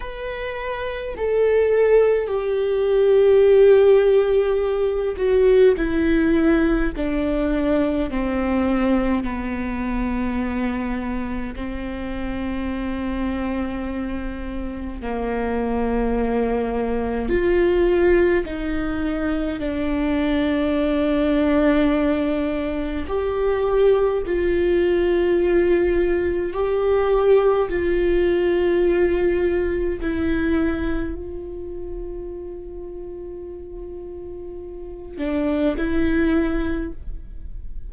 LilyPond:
\new Staff \with { instrumentName = "viola" } { \time 4/4 \tempo 4 = 52 b'4 a'4 g'2~ | g'8 fis'8 e'4 d'4 c'4 | b2 c'2~ | c'4 ais2 f'4 |
dis'4 d'2. | g'4 f'2 g'4 | f'2 e'4 f'4~ | f'2~ f'8 d'8 e'4 | }